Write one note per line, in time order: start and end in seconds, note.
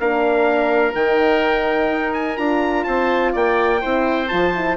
0.00 0.95 A#3
0.00 0.96 D4
0.00 2.87 A#4
0.00 0.95 F5
0.95 1.90 D#3
0.95 2.38 D#4
0.95 2.14 G5
1.90 2.38 D#4
2.14 2.38 G#5
2.38 2.86 D4
2.38 3.81 F4
2.38 2.84 A#5
2.84 3.35 C4
2.84 3.33 C5
2.84 3.32 A5
3.33 3.83 A#3
3.33 3.81 D5
3.33 4.29 G5
3.81 4.33 C4
3.81 4.30 E4
3.81 4.77 C5
4.29 4.77 F3
4.29 4.55 F4
4.29 4.77 A5
4.55 4.77 E4